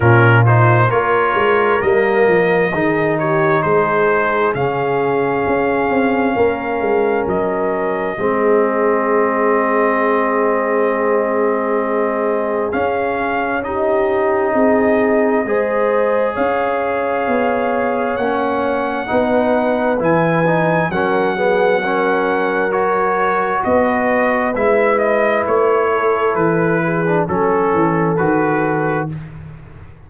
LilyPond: <<
  \new Staff \with { instrumentName = "trumpet" } { \time 4/4 \tempo 4 = 66 ais'8 c''8 cis''4 dis''4. cis''8 | c''4 f''2. | dis''1~ | dis''2 f''4 dis''4~ |
dis''2 f''2 | fis''2 gis''4 fis''4~ | fis''4 cis''4 dis''4 e''8 dis''8 | cis''4 b'4 a'4 b'4 | }
  \new Staff \with { instrumentName = "horn" } { \time 4/4 f'4 ais'2 gis'8 g'8 | gis'2. ais'4~ | ais'4 gis'2.~ | gis'2. g'4 |
gis'4 c''4 cis''2~ | cis''4 b'2 ais'8 gis'8 | ais'2 b'2~ | b'8 a'4 gis'8 a'2 | }
  \new Staff \with { instrumentName = "trombone" } { \time 4/4 cis'8 dis'8 f'4 ais4 dis'4~ | dis'4 cis'2.~ | cis'4 c'2.~ | c'2 cis'4 dis'4~ |
dis'4 gis'2. | cis'4 dis'4 e'8 dis'8 cis'8 b8 | cis'4 fis'2 e'4~ | e'4.~ e'16 d'16 cis'4 fis'4 | }
  \new Staff \with { instrumentName = "tuba" } { \time 4/4 ais,4 ais8 gis8 g8 f8 dis4 | gis4 cis4 cis'8 c'8 ais8 gis8 | fis4 gis2.~ | gis2 cis'2 |
c'4 gis4 cis'4 b4 | ais4 b4 e4 fis4~ | fis2 b4 gis4 | a4 e4 fis8 e8 dis4 | }
>>